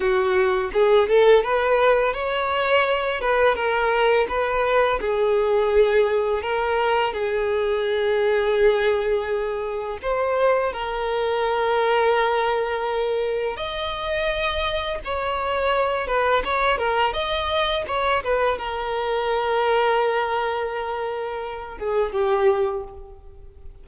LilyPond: \new Staff \with { instrumentName = "violin" } { \time 4/4 \tempo 4 = 84 fis'4 gis'8 a'8 b'4 cis''4~ | cis''8 b'8 ais'4 b'4 gis'4~ | gis'4 ais'4 gis'2~ | gis'2 c''4 ais'4~ |
ais'2. dis''4~ | dis''4 cis''4. b'8 cis''8 ais'8 | dis''4 cis''8 b'8 ais'2~ | ais'2~ ais'8 gis'8 g'4 | }